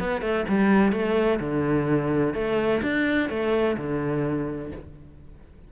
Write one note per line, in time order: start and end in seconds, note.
0.00 0.21 B3
0.21 0.45 A3
0.48 0.92 G3
0.92 1.40 A3
1.40 2.35 D3
2.35 2.82 A3
2.82 3.29 D4
3.29 3.77 A3
3.77 4.71 D3